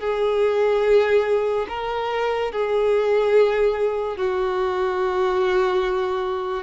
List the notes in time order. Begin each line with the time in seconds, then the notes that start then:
0.00 G#4
1.69 A#4
2.52 G#4
4.17 F#4